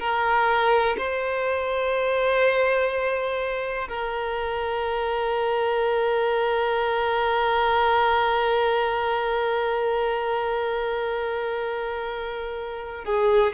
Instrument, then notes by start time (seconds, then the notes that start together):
violin
0.00 A#4
0.99 C5
3.89 A#4
13.05 G#4